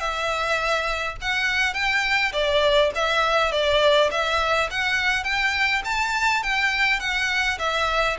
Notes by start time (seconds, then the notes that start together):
0.00 E5
1.22 F#5
1.74 G5
2.33 D5
2.95 E5
3.52 D5
4.11 E5
4.71 F#5
5.24 G5
5.85 A5
6.43 G5
7.00 F#5
7.59 E5